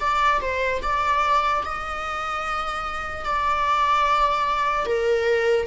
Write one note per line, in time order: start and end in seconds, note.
0.00 0.41 D5
0.41 0.81 C5
0.82 1.63 D5
1.64 3.24 D#5
3.24 4.85 D5
4.85 5.66 A#4